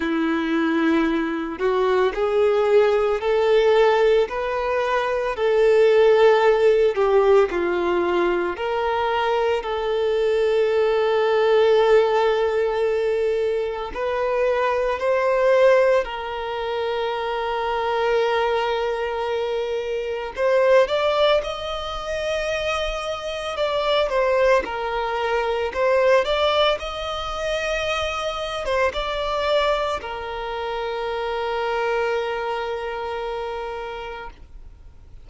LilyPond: \new Staff \with { instrumentName = "violin" } { \time 4/4 \tempo 4 = 56 e'4. fis'8 gis'4 a'4 | b'4 a'4. g'8 f'4 | ais'4 a'2.~ | a'4 b'4 c''4 ais'4~ |
ais'2. c''8 d''8 | dis''2 d''8 c''8 ais'4 | c''8 d''8 dis''4.~ dis''16 c''16 d''4 | ais'1 | }